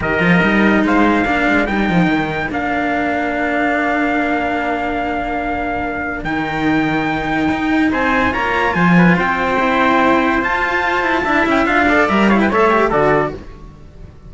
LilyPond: <<
  \new Staff \with { instrumentName = "trumpet" } { \time 4/4 \tempo 4 = 144 dis''2 f''2 | g''2 f''2~ | f''1~ | f''2. g''4~ |
g''2. gis''4 | ais''4 gis''4 g''2~ | g''4 a''2~ a''8 g''8 | f''4 e''8 f''16 g''16 e''4 d''4 | }
  \new Staff \with { instrumentName = "trumpet" } { \time 4/4 ais'2 c''4 ais'4~ | ais'1~ | ais'1~ | ais'1~ |
ais'2. c''4 | cis''4 c''8 b'8 c''2~ | c''2. e''4~ | e''8 d''4 cis''16 b'16 cis''4 a'4 | }
  \new Staff \with { instrumentName = "cello" } { \time 4/4 g'8 f'8 dis'2 d'4 | dis'2 d'2~ | d'1~ | d'2. dis'4~ |
dis'1 | f'2. e'4~ | e'4 f'2 e'4 | f'8 a'8 ais'8 e'8 a'8 g'8 fis'4 | }
  \new Staff \with { instrumentName = "cello" } { \time 4/4 dis8 f8 g4 gis4 ais8 gis8 | g8 f8 dis4 ais2~ | ais1~ | ais2. dis4~ |
dis2 dis'4 c'4 | ais4 f4 c'2~ | c'4 f'4. e'8 d'8 cis'8 | d'4 g4 a4 d4 | }
>>